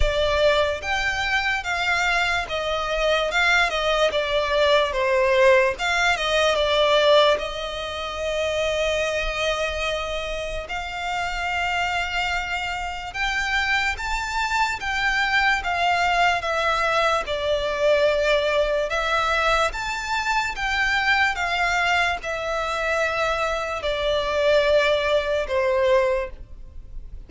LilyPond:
\new Staff \with { instrumentName = "violin" } { \time 4/4 \tempo 4 = 73 d''4 g''4 f''4 dis''4 | f''8 dis''8 d''4 c''4 f''8 dis''8 | d''4 dis''2.~ | dis''4 f''2. |
g''4 a''4 g''4 f''4 | e''4 d''2 e''4 | a''4 g''4 f''4 e''4~ | e''4 d''2 c''4 | }